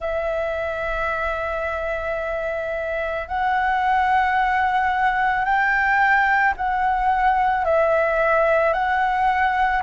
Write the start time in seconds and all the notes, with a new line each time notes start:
0.00 E5
3.28 F#5
5.44 G5
6.57 F#5
7.64 E5
8.73 F#5